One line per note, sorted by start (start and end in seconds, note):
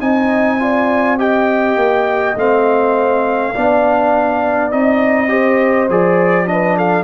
0.00 1.76 C4
0.00 0.60 D#4
0.00 0.59 D#5
0.00 1.18 G#5
0.60 1.18 F4
0.60 1.19 D5
1.18 2.36 G4
1.18 3.54 D#5
1.18 2.37 G5
1.76 2.35 A#3
2.36 3.54 A3
2.36 3.54 C4
2.36 4.71 F5
3.54 4.72 B3
3.54 4.71 D4
3.54 5.30 D5
4.71 5.89 C4
4.71 5.28 D#4
4.71 5.89 D#5
5.28 5.87 G4
5.28 6.48 C5
5.89 7.03 F3
5.89 6.46 G#4
5.89 6.48 D5
6.46 7.03 D4
6.46 6.77 B4
6.46 6.77 D#5
6.77 7.03 A4
6.77 7.03 F5